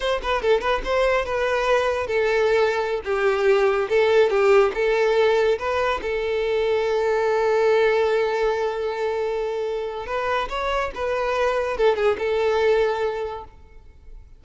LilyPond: \new Staff \with { instrumentName = "violin" } { \time 4/4 \tempo 4 = 143 c''8 b'8 a'8 b'8 c''4 b'4~ | b'4 a'2~ a'16 g'8.~ | g'4~ g'16 a'4 g'4 a'8.~ | a'4~ a'16 b'4 a'4.~ a'16~ |
a'1~ | a'1 | b'4 cis''4 b'2 | a'8 gis'8 a'2. | }